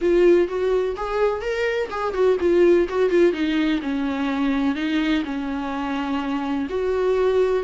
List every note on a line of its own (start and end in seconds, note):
0.01 0.48 F4
0.48 0.95 F#4
0.96 1.41 G#4
1.41 1.88 A#4
1.90 2.13 G#4
2.13 2.37 F#4
2.39 2.87 F4
2.89 3.10 F#4
3.10 3.32 F4
3.32 3.80 D#4
3.82 4.75 C#4
4.75 5.23 D#4
5.24 6.67 C#4
6.69 7.63 F#4